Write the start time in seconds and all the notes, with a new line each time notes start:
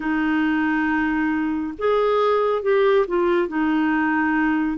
0.00 D#4
1.78 G#4
2.62 G4
3.07 F4
3.48 D#4